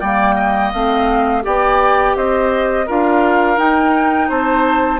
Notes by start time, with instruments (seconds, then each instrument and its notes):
0.00 bassoon G3, clarinet A#3, oboe D5, flute G5
0.35 oboe D#5
0.72 bassoon A3, clarinet C4, flute F5
1.43 bassoon B3, clarinet G4, oboe D5, flute G5
2.16 bassoon C4, oboe C5, flute D#5
2.87 bassoon D4, clarinet F4, oboe A#4, flute F5
3.57 clarinet D#4, bassoon D#4, flute G5
4.29 bassoon C4, oboe C5, flute A5